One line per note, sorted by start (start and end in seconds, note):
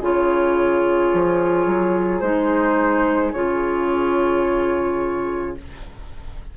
0.00 1.12 C#3
0.00 2.23 F4
0.00 5.56 G#4
0.00 2.20 C#5
1.13 1.66 F3
1.66 2.21 F#3
2.20 3.33 G#3
2.20 3.34 D#4
2.20 3.31 C5
3.32 5.56 C#3
3.32 5.56 F4
3.32 5.55 C#5